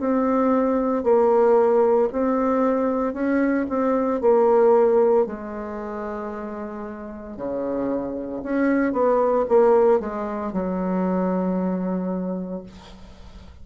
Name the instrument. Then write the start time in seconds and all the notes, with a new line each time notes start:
bassoon
0.00 C4
1.04 A#3
2.12 C4
3.14 C#4
3.69 C4
4.22 A#3
5.27 G#3
7.37 C#3
8.43 C#4
8.93 B3
9.49 A#3
10.00 G#3
10.53 F#3